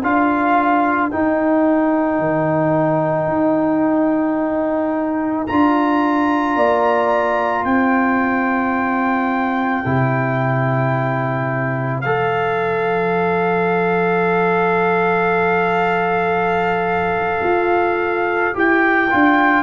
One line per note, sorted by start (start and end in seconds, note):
0.00 1.11 D4
0.00 1.11 F4
0.00 6.55 A#4
0.00 1.10 F5
1.10 5.47 D#4
1.10 2.19 D#4
1.10 5.46 G5
2.19 3.27 D#3
3.27 5.46 D#4
5.46 6.56 D4
5.46 9.85 F4
5.46 7.64 A#5
6.56 7.64 A#3
6.56 7.63 D5
7.63 9.82 C4
7.63 19.63 C5
7.63 12.00 G5
9.85 12.03 C3
9.85 12.03 E4
12.00 17.43 F3
12.00 18.53 A4
12.00 18.55 F5
17.43 18.52 F4
18.53 19.11 E4
18.53 19.08 G4
18.53 19.63 G5
19.10 19.63 D4
19.10 19.63 F4